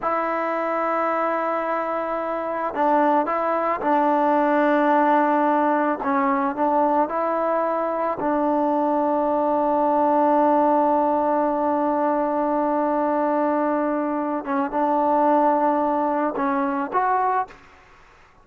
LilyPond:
\new Staff \with { instrumentName = "trombone" } { \time 4/4 \tempo 4 = 110 e'1~ | e'4 d'4 e'4 d'4~ | d'2. cis'4 | d'4 e'2 d'4~ |
d'1~ | d'1~ | d'2~ d'8 cis'8 d'4~ | d'2 cis'4 fis'4 | }